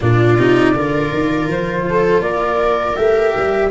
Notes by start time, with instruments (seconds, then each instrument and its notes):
0.00 tuba A#2, cello D4, viola F4, flute D5
0.37 tuba C3, cello D#4
0.74 tuba D3, cello F4, viola A#4
1.13 tuba D#3
1.47 tuba F3, flute C5
1.89 viola A4
2.20 tuba A#3, viola A#4, flute D5
2.95 tuba A3, cello G4, flute E5
3.36 tuba G3